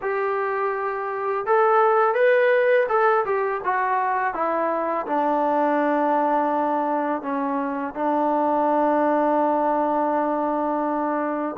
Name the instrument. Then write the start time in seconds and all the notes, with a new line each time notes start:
trombone
0.01 G4
1.46 A4
2.14 B4
2.88 A4
3.25 G4
3.64 F#4
4.33 E4
5.06 D4
7.22 C#4
7.94 D4